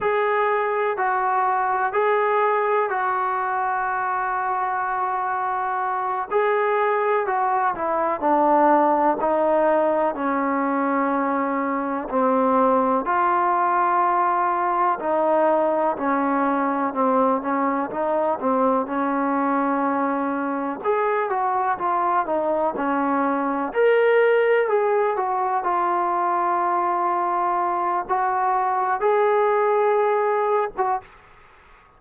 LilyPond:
\new Staff \with { instrumentName = "trombone" } { \time 4/4 \tempo 4 = 62 gis'4 fis'4 gis'4 fis'4~ | fis'2~ fis'8 gis'4 fis'8 | e'8 d'4 dis'4 cis'4.~ | cis'8 c'4 f'2 dis'8~ |
dis'8 cis'4 c'8 cis'8 dis'8 c'8 cis'8~ | cis'4. gis'8 fis'8 f'8 dis'8 cis'8~ | cis'8 ais'4 gis'8 fis'8 f'4.~ | f'4 fis'4 gis'4.~ gis'16 fis'16 | }